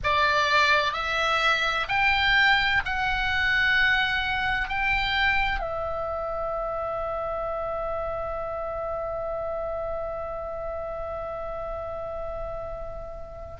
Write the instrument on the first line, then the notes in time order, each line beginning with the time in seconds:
oboe
0.03 D5
0.93 E5
1.88 G5
2.85 F#5
4.69 G5
5.59 E5